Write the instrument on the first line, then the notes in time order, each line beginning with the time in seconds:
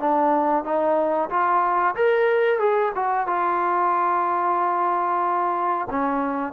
trombone
0.00 D4
0.65 D#4
1.30 F4
1.96 A#4
2.60 G#4
2.96 F#4
3.27 F4
5.91 C#4